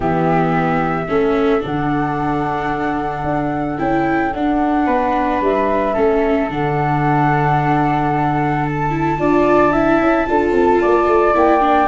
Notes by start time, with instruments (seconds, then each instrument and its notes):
0.00 tuba E3, viola B3, flute G4 E5
1.08 tuba A3, viola C#4, flute A4
1.60 tuba D3, viola D4, flute F#5
3.23 tuba D4
3.78 tuba C#4, viola E4, flute G5
4.33 tuba D4, viola D4, flute F#5
4.86 tuba B3, flute B4
5.40 tuba G3, flute E5
5.93 tuba A3, viola C#4, flute A4
6.49 tuba D3, viola D4, flute F#5
8.65 flute A5
8.90 viola E4
9.18 tuba D4, viola F4, flute D5
9.72 viola E4, flute E5
9.99 tuba C#4
10.27 tuba D4, viola F4, flute A4
10.51 tuba C4
10.81 tuba A#3, flute D5
11.07 tuba A3
11.34 tuba A#3, viola E4, flute G5
11.60 viola D4